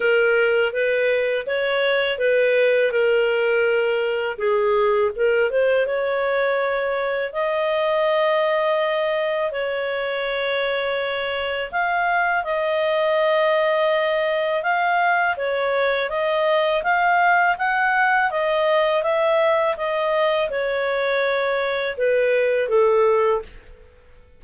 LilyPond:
\new Staff \with { instrumentName = "clarinet" } { \time 4/4 \tempo 4 = 82 ais'4 b'4 cis''4 b'4 | ais'2 gis'4 ais'8 c''8 | cis''2 dis''2~ | dis''4 cis''2. |
f''4 dis''2. | f''4 cis''4 dis''4 f''4 | fis''4 dis''4 e''4 dis''4 | cis''2 b'4 a'4 | }